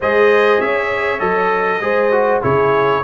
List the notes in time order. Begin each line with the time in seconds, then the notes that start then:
0.00 G#3 G#4 C5 D#5
0.59 C#4 C#5 E5
1.19 F#3 A4 D#5
1.80 G#3 G#4 C5
2.11 F#4
2.41 C#3 E4 G#4 C#5